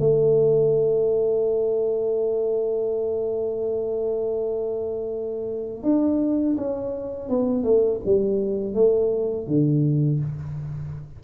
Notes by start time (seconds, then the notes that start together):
0.00 A3
5.83 D4
6.57 C#4
7.29 B3
7.64 A3
8.06 G3
8.75 A3
9.47 D3